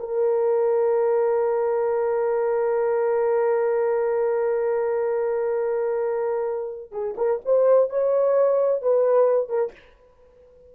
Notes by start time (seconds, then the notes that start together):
0.00 A#4
6.92 G#4
7.18 A#4
7.46 C5
7.90 C#5
8.83 B4
9.49 A#4